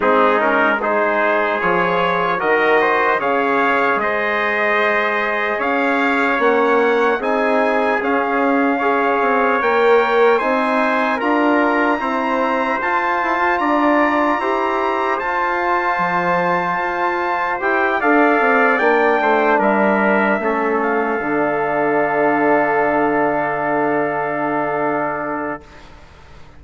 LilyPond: <<
  \new Staff \with { instrumentName = "trumpet" } { \time 4/4 \tempo 4 = 75 gis'8 ais'8 c''4 cis''4 dis''4 | f''4 dis''2 f''4 | fis''4 gis''4 f''2 | g''4 gis''4 ais''2 |
a''4 ais''2 a''4~ | a''2 g''8 f''4 g''8~ | g''8 e''4. f''2~ | f''1 | }
  \new Staff \with { instrumentName = "trumpet" } { \time 4/4 dis'4 gis'2 ais'8 c''8 | cis''4 c''2 cis''4~ | cis''4 gis'2 cis''4~ | cis''4 c''4 ais'4 c''4~ |
c''4 d''4 c''2~ | c''2~ c''8 d''4. | c''8 ais'4 a'2~ a'8~ | a'1 | }
  \new Staff \with { instrumentName = "trombone" } { \time 4/4 c'8 cis'8 dis'4 f'4 fis'4 | gis'1 | cis'4 dis'4 cis'4 gis'4 | ais'4 dis'4 f'4 c'4 |
f'2 g'4 f'4~ | f'2 g'8 a'4 d'8~ | d'4. cis'4 d'4.~ | d'1 | }
  \new Staff \with { instrumentName = "bassoon" } { \time 4/4 gis2 f4 dis4 | cis4 gis2 cis'4 | ais4 c'4 cis'4. c'8 | ais4 c'4 d'4 e'4 |
f'8 e'16 f'16 d'4 e'4 f'4 | f4 f'4 e'8 d'8 c'8 ais8 | a8 g4 a4 d4.~ | d1 | }
>>